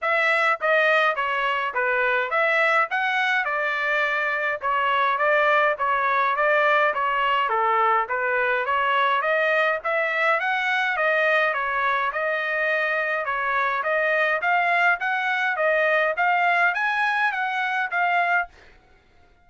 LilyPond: \new Staff \with { instrumentName = "trumpet" } { \time 4/4 \tempo 4 = 104 e''4 dis''4 cis''4 b'4 | e''4 fis''4 d''2 | cis''4 d''4 cis''4 d''4 | cis''4 a'4 b'4 cis''4 |
dis''4 e''4 fis''4 dis''4 | cis''4 dis''2 cis''4 | dis''4 f''4 fis''4 dis''4 | f''4 gis''4 fis''4 f''4 | }